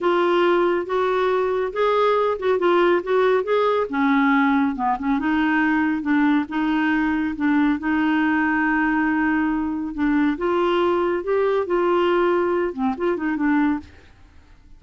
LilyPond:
\new Staff \with { instrumentName = "clarinet" } { \time 4/4 \tempo 4 = 139 f'2 fis'2 | gis'4. fis'8 f'4 fis'4 | gis'4 cis'2 b8 cis'8 | dis'2 d'4 dis'4~ |
dis'4 d'4 dis'2~ | dis'2. d'4 | f'2 g'4 f'4~ | f'4. c'8 f'8 dis'8 d'4 | }